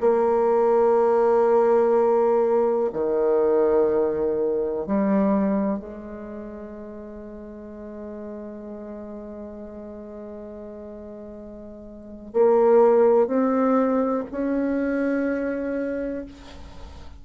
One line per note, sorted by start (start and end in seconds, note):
0.00 2.90 A#3
2.93 4.86 D#3
4.86 5.79 G3
5.79 12.32 G#3
12.33 13.27 A#3
13.27 14.24 C4
14.31 16.25 C#4